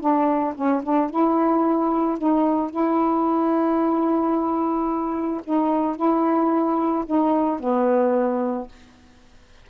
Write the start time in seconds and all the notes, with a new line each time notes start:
0.00 D4
0.55 C#4
0.83 D4
1.10 E4
2.18 D#4
2.71 E4
5.44 D#4
5.96 E4
7.06 D#4
7.59 B3